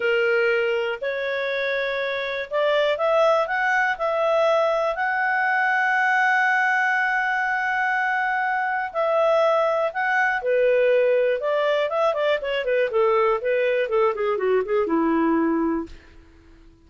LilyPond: \new Staff \with { instrumentName = "clarinet" } { \time 4/4 \tempo 4 = 121 ais'2 cis''2~ | cis''4 d''4 e''4 fis''4 | e''2 fis''2~ | fis''1~ |
fis''2 e''2 | fis''4 b'2 d''4 | e''8 d''8 cis''8 b'8 a'4 b'4 | a'8 gis'8 fis'8 gis'8 e'2 | }